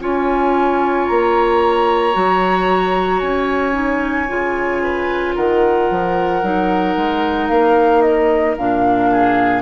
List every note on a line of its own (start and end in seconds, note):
0.00 1.07 C#4
0.00 2.13 F4
0.00 4.83 C#5
0.00 1.07 G#5
1.07 2.16 A#3
1.07 3.20 A#5
2.13 3.22 F#3
2.13 3.73 F#4
3.20 4.29 C#4
3.20 5.34 G#5
3.73 4.26 D#4
4.29 5.37 C#3
4.29 6.43 F4
4.83 5.35 B4
5.35 5.91 D#3
5.35 9.10 A#4
5.35 7.49 F#5
5.91 6.43 F3
6.43 6.97 F#3
6.43 8.58 D#4
6.97 7.50 G#3
7.49 8.57 A#3
7.49 8.02 F5
8.02 8.56 D#5
8.58 9.63 A#2
8.58 9.63 D4
8.58 9.63 F5
9.12 9.63 G#4